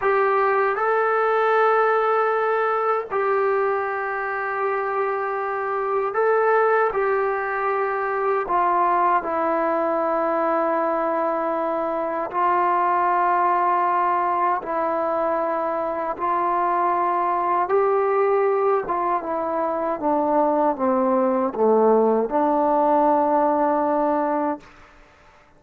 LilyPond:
\new Staff \with { instrumentName = "trombone" } { \time 4/4 \tempo 4 = 78 g'4 a'2. | g'1 | a'4 g'2 f'4 | e'1 |
f'2. e'4~ | e'4 f'2 g'4~ | g'8 f'8 e'4 d'4 c'4 | a4 d'2. | }